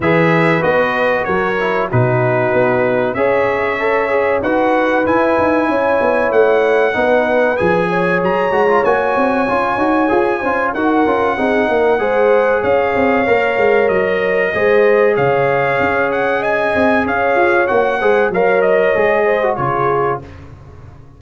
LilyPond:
<<
  \new Staff \with { instrumentName = "trumpet" } { \time 4/4 \tempo 4 = 95 e''4 dis''4 cis''4 b'4~ | b'4 e''2 fis''4 | gis''2 fis''2 | gis''4 ais''4 gis''2~ |
gis''4 fis''2. | f''2 dis''2 | f''4. fis''8 gis''4 f''4 | fis''4 f''8 dis''4. cis''4 | }
  \new Staff \with { instrumentName = "horn" } { \time 4/4 b'2 ais'4 fis'4~ | fis'4 cis''2 b'4~ | b'4 cis''2 b'4~ | b'8 cis''2.~ cis''8~ |
cis''8 c''8 ais'4 gis'8 ais'8 c''4 | cis''2. c''4 | cis''2 dis''4 cis''4~ | cis''8 c''8 cis''4. c''8 gis'4 | }
  \new Staff \with { instrumentName = "trombone" } { \time 4/4 gis'4 fis'4. e'8 dis'4~ | dis'4 gis'4 a'8 gis'8 fis'4 | e'2. dis'4 | gis'4. fis'16 f'16 fis'4 f'8 fis'8 |
gis'8 f'8 fis'8 f'8 dis'4 gis'4~ | gis'4 ais'2 gis'4~ | gis'1 | fis'8 gis'8 ais'4 gis'8. fis'16 f'4 | }
  \new Staff \with { instrumentName = "tuba" } { \time 4/4 e4 b4 fis4 b,4 | b4 cis'2 dis'4 | e'8 dis'8 cis'8 b8 a4 b4 | f4 fis8 gis8 ais8 c'8 cis'8 dis'8 |
f'8 cis'8 dis'8 cis'8 c'8 ais8 gis4 | cis'8 c'8 ais8 gis8 fis4 gis4 | cis4 cis'4. c'8 cis'8 f'8 | ais8 gis8 fis4 gis4 cis4 | }
>>